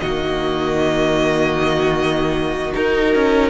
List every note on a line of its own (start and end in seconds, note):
0.00 2.74 D#3
0.00 2.73 A#3
0.00 3.50 F#4
0.00 2.73 D#5
2.73 3.50 D#4
2.73 3.15 D#4
2.73 3.50 A#4
3.15 3.50 C#4